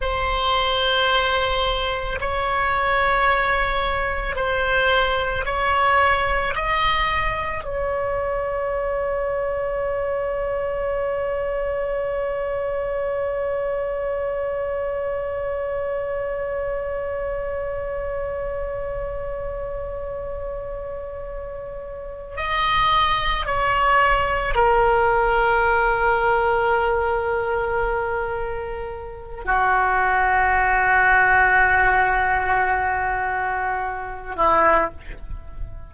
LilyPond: \new Staff \with { instrumentName = "oboe" } { \time 4/4 \tempo 4 = 55 c''2 cis''2 | c''4 cis''4 dis''4 cis''4~ | cis''1~ | cis''1~ |
cis''1~ | cis''8 dis''4 cis''4 ais'4.~ | ais'2. fis'4~ | fis'2.~ fis'8 e'8 | }